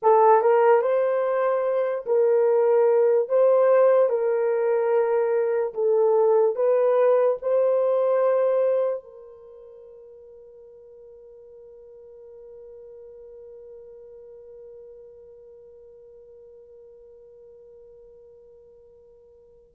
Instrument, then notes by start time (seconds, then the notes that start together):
horn
0.02 A4
0.41 A#4
0.81 C5
2.05 A#4
3.28 C5
4.09 A#4
5.73 A4
6.55 B4
7.42 C5
9.03 A#4